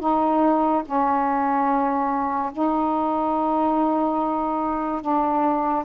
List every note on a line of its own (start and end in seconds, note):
0.00 0.83 D#4
0.86 2.52 C#4
2.53 5.02 D#4
5.02 5.85 D4